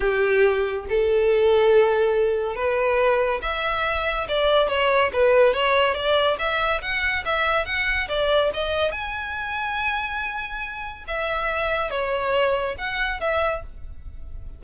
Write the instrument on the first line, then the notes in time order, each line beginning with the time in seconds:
violin
0.00 G4
0.89 A4
2.55 B4
3.42 E5
4.28 D5
4.68 C#5
5.12 B4
5.53 C#5
5.94 D5
6.38 E5
6.81 F#5
7.25 E5
7.65 F#5
8.08 D5
8.53 D#5
8.91 G#5
11.07 E5
11.90 C#5
12.78 F#5
13.20 E5